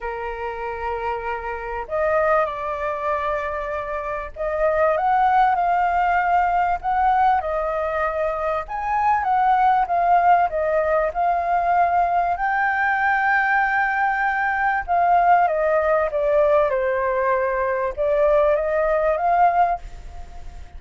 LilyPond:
\new Staff \with { instrumentName = "flute" } { \time 4/4 \tempo 4 = 97 ais'2. dis''4 | d''2. dis''4 | fis''4 f''2 fis''4 | dis''2 gis''4 fis''4 |
f''4 dis''4 f''2 | g''1 | f''4 dis''4 d''4 c''4~ | c''4 d''4 dis''4 f''4 | }